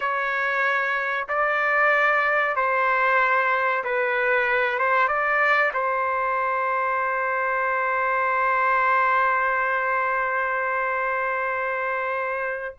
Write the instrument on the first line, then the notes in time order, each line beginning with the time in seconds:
trumpet
0.00 C#5
1.28 D5
2.56 C5
3.84 B4
4.78 C5
5.07 D5
5.73 C5